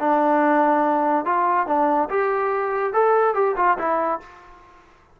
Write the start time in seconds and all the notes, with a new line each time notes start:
0.00 D4
1.25 F4
1.67 D4
2.09 G4
2.93 A4
3.35 G4
3.56 F4
3.78 E4